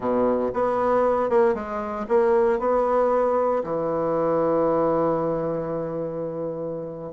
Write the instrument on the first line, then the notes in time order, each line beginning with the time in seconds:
bassoon
0.00 B2
0.53 B3
1.29 A#3
1.54 G#3
2.08 A#3
2.59 B3
3.63 E3